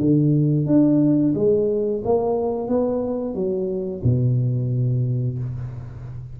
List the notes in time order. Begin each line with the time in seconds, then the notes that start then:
0.00 D3
0.66 D4
1.34 G#3
2.04 A#3
2.68 B3
3.34 F#3
4.03 B2